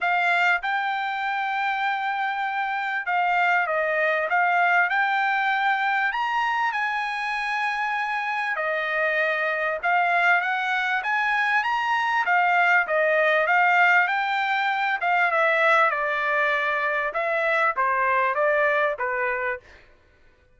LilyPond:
\new Staff \with { instrumentName = "trumpet" } { \time 4/4 \tempo 4 = 98 f''4 g''2.~ | g''4 f''4 dis''4 f''4 | g''2 ais''4 gis''4~ | gis''2 dis''2 |
f''4 fis''4 gis''4 ais''4 | f''4 dis''4 f''4 g''4~ | g''8 f''8 e''4 d''2 | e''4 c''4 d''4 b'4 | }